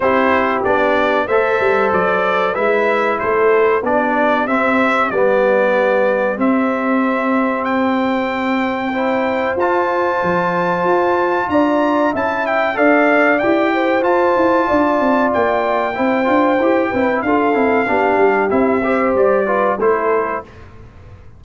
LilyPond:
<<
  \new Staff \with { instrumentName = "trumpet" } { \time 4/4 \tempo 4 = 94 c''4 d''4 e''4 d''4 | e''4 c''4 d''4 e''4 | d''2 e''2 | g''2. a''4~ |
a''2 ais''4 a''8 g''8 | f''4 g''4 a''2 | g''2. f''4~ | f''4 e''4 d''4 c''4 | }
  \new Staff \with { instrumentName = "horn" } { \time 4/4 g'2 c''2 | b'4 a'4 g'2~ | g'1~ | g'2 c''2~ |
c''2 d''4 e''4 | d''4. c''4. d''4~ | d''4 c''4. b'8 a'4 | g'4. c''4 b'8 a'4 | }
  \new Staff \with { instrumentName = "trombone" } { \time 4/4 e'4 d'4 a'2 | e'2 d'4 c'4 | b2 c'2~ | c'2 e'4 f'4~ |
f'2. e'4 | a'4 g'4 f'2~ | f'4 e'8 f'8 g'8 e'8 f'8 e'8 | d'4 e'8 g'4 f'8 e'4 | }
  \new Staff \with { instrumentName = "tuba" } { \time 4/4 c'4 b4 a8 g8 fis4 | gis4 a4 b4 c'4 | g2 c'2~ | c'2. f'4 |
f4 f'4 d'4 cis'4 | d'4 e'4 f'8 e'8 d'8 c'8 | ais4 c'8 d'8 e'8 c'8 d'8 c'8 | b8 g8 c'4 g4 a4 | }
>>